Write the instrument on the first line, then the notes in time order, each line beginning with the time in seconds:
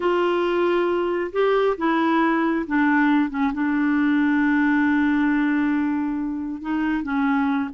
clarinet
0.00 F4
1.32 G4
1.77 E4
2.67 D4
3.30 C#4
3.53 D4
6.61 D#4
7.03 C#4